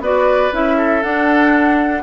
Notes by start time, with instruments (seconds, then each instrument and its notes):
0.00 bassoon B3, clarinet F#4, oboe B4, flute D5
0.52 bassoon C#4, clarinet E4, flute E5
0.77 oboe A4
1.03 bassoon D4, clarinet D4, flute F#5